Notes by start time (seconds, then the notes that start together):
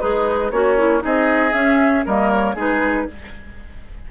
0.00 G#3 D#4 G#4 B4
0.51 A#3 C#4 F#4 C#5
0.78 E4
0.99 C4 D#4 G#4 D#5
1.52 C#4 E5
2.05 G3 A#3 A#4 D#5
2.31 C#5
2.54 G#3 D#4 G#4 B4